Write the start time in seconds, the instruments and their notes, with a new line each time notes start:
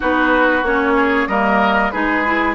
0.00 bassoon B3, clarinet D#4, oboe F#4, flute B4
0.62 bassoon A#3, clarinet C#4, flute C#5
0.96 oboe G#4
1.27 bassoon G3, clarinet A#3, oboe A#4, flute D#5
1.91 bassoon G#3, clarinet D#4, oboe G#4, flute B4
2.25 clarinet E4